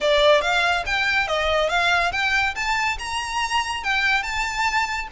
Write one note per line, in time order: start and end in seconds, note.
0.00 0.41 D5
0.41 0.83 F5
0.86 1.27 G5
1.27 1.69 D#5
1.69 2.11 F5
2.12 2.54 G5
2.55 2.97 A5
2.98 3.83 A#5
3.83 4.22 G5
4.22 5.07 A5